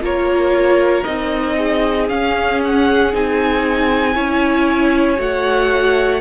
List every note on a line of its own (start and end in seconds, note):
0.00 1.03 A#3
0.00 1.04 F4
0.00 1.56 A#4
0.00 1.03 C#5
1.03 2.09 C4
1.03 2.09 D#4
1.03 2.07 D#5
1.56 4.14 G#4
2.09 3.12 C#4
2.09 3.13 C#4
2.09 2.60 F5
2.64 3.14 F#5
3.12 4.16 C4
3.12 4.14 D#4
3.12 5.20 G#5
4.14 5.18 C#4
4.14 5.17 E4
4.14 6.21 C#5
5.17 6.21 A3
5.17 6.20 F#4
5.17 6.21 F#5